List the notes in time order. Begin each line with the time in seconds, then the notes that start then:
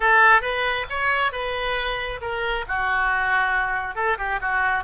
0.00 A4
0.41 B4
0.89 C#5
1.32 B4
2.21 A#4
2.68 F#4
3.95 A4
4.18 G4
4.40 F#4